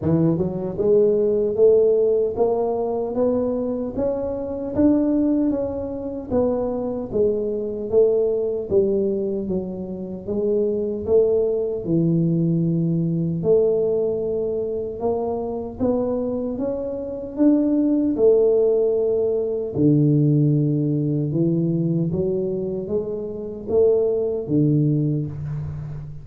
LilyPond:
\new Staff \with { instrumentName = "tuba" } { \time 4/4 \tempo 4 = 76 e8 fis8 gis4 a4 ais4 | b4 cis'4 d'4 cis'4 | b4 gis4 a4 g4 | fis4 gis4 a4 e4~ |
e4 a2 ais4 | b4 cis'4 d'4 a4~ | a4 d2 e4 | fis4 gis4 a4 d4 | }